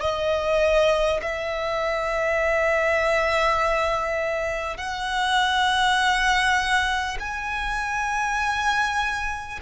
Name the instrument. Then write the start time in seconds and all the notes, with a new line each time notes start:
violin
0.00 D#5
1.21 E5
4.77 F#5
7.19 G#5